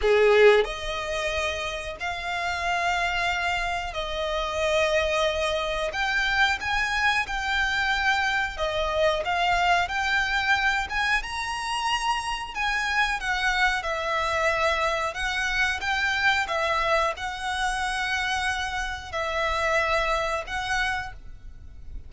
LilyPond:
\new Staff \with { instrumentName = "violin" } { \time 4/4 \tempo 4 = 91 gis'4 dis''2 f''4~ | f''2 dis''2~ | dis''4 g''4 gis''4 g''4~ | g''4 dis''4 f''4 g''4~ |
g''8 gis''8 ais''2 gis''4 | fis''4 e''2 fis''4 | g''4 e''4 fis''2~ | fis''4 e''2 fis''4 | }